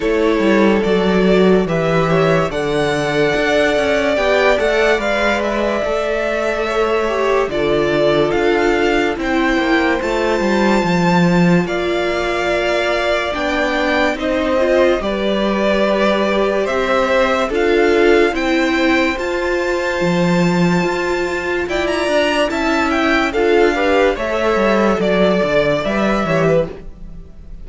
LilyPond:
<<
  \new Staff \with { instrumentName = "violin" } { \time 4/4 \tempo 4 = 72 cis''4 d''4 e''4 fis''4~ | fis''4 g''8 fis''8 f''8 e''4.~ | e''4 d''4 f''4 g''4 | a''2 f''2 |
g''4 dis''4 d''2 | e''4 f''4 g''4 a''4~ | a''2 g''16 ais''8. a''8 g''8 | f''4 e''4 d''4 e''4 | }
  \new Staff \with { instrumentName = "violin" } { \time 4/4 a'2 b'8 cis''8 d''4~ | d''1 | cis''4 a'2 c''4~ | c''2 d''2~ |
d''4 c''4 b'2 | c''4 a'4 c''2~ | c''2 d''4 e''4 | a'8 b'8 cis''4 d''4. cis''16 b'16 | }
  \new Staff \with { instrumentName = "viola" } { \time 4/4 e'4 fis'4 g'4 a'4~ | a'4 g'8 a'8 b'4 a'4~ | a'8 g'8 f'2 e'4 | f'1 |
d'4 dis'8 f'8 g'2~ | g'4 f'4 e'4 f'4~ | f'2. e'4 | f'8 g'8 a'2 b'8 g'8 | }
  \new Staff \with { instrumentName = "cello" } { \time 4/4 a8 g8 fis4 e4 d4 | d'8 cis'8 b8 a8 gis4 a4~ | a4 d4 d'4 c'8 ais8 | a8 g8 f4 ais2 |
b4 c'4 g2 | c'4 d'4 c'4 f'4 | f4 f'4 e'8 d'8 cis'4 | d'4 a8 g8 fis8 d8 g8 e8 | }
>>